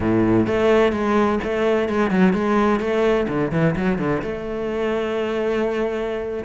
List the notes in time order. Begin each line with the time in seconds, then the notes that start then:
0.00 A2
0.46 A3
0.92 G#3
1.43 A3
1.89 G#3
2.10 F#3
2.33 G#3
2.80 A3
3.28 D3
3.51 E3
3.76 F#3
3.98 D3
4.21 A3